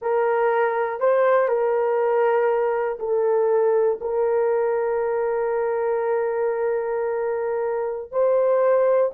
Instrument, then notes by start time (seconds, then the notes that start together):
horn
0.01 A#4
1.00 C5
1.48 A#4
2.99 A4
4.00 A#4
8.11 C5